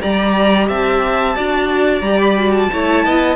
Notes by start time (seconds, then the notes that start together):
0.00 G3 G4 D5 A#5
0.68 C4 E5 A5
1.35 D4 F#4 D5
2.01 G3 G4 A#5
2.21 B5
2.36 F#4
2.52 A5
2.72 A3 E4 C#5
3.05 B3 D#5